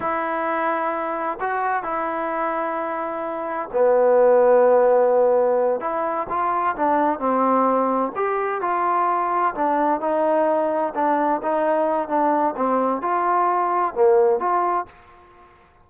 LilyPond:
\new Staff \with { instrumentName = "trombone" } { \time 4/4 \tempo 4 = 129 e'2. fis'4 | e'1 | b1~ | b8 e'4 f'4 d'4 c'8~ |
c'4. g'4 f'4.~ | f'8 d'4 dis'2 d'8~ | d'8 dis'4. d'4 c'4 | f'2 ais4 f'4 | }